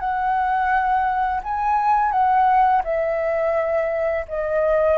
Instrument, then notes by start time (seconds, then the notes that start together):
flute
0.00 F#5
1.43 G#5
2.12 F#5
2.84 E5
4.28 D#5